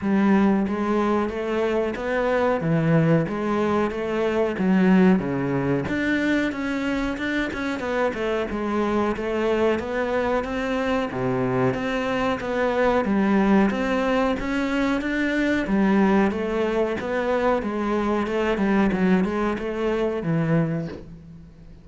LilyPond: \new Staff \with { instrumentName = "cello" } { \time 4/4 \tempo 4 = 92 g4 gis4 a4 b4 | e4 gis4 a4 fis4 | cis4 d'4 cis'4 d'8 cis'8 | b8 a8 gis4 a4 b4 |
c'4 c4 c'4 b4 | g4 c'4 cis'4 d'4 | g4 a4 b4 gis4 | a8 g8 fis8 gis8 a4 e4 | }